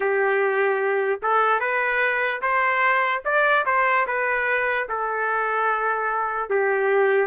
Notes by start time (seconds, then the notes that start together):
0.00 G4
1.22 A4
1.60 B4
2.41 C5
3.24 D5
3.65 C5
4.07 B4
4.88 A4
6.49 G4